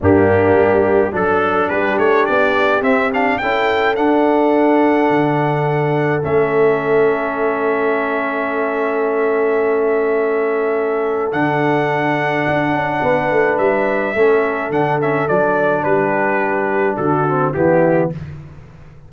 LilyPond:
<<
  \new Staff \with { instrumentName = "trumpet" } { \time 4/4 \tempo 4 = 106 g'2 a'4 b'8 cis''8 | d''4 e''8 f''8 g''4 fis''4~ | fis''2. e''4~ | e''1~ |
e''1 | fis''1 | e''2 fis''8 e''8 d''4 | b'2 a'4 g'4 | }
  \new Staff \with { instrumentName = "horn" } { \time 4/4 d'2 a'4 g'4~ | g'2 a'2~ | a'1~ | a'1~ |
a'1~ | a'2. b'4~ | b'4 a'2. | g'2 fis'4 e'4 | }
  \new Staff \with { instrumentName = "trombone" } { \time 4/4 ais2 d'2~ | d'4 c'8 d'8 e'4 d'4~ | d'2. cis'4~ | cis'1~ |
cis'1 | d'1~ | d'4 cis'4 d'8 cis'8 d'4~ | d'2~ d'8 c'8 b4 | }
  \new Staff \with { instrumentName = "tuba" } { \time 4/4 g,4 g4 fis4 g8 a8 | b4 c'4 cis'4 d'4~ | d'4 d2 a4~ | a1~ |
a1 | d2 d'8 cis'8 b8 a8 | g4 a4 d4 fis4 | g2 d4 e4 | }
>>